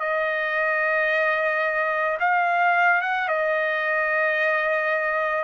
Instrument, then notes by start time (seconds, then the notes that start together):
trumpet
0.00 D#5
2.20 F5
3.01 F#5
3.28 D#5